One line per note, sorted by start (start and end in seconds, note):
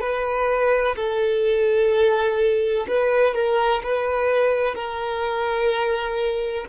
0.00 0.95 B4
0.96 2.86 A4
2.87 3.34 B4
3.34 3.82 A#4
3.83 4.74 B4
4.74 6.65 A#4